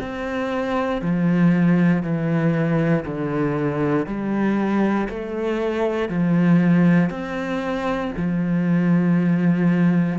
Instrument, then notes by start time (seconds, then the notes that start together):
cello
0.00 C4
1.02 F3
2.02 E3
3.05 D3
4.06 G3
5.09 A3
6.09 F3
7.10 C4
8.17 F3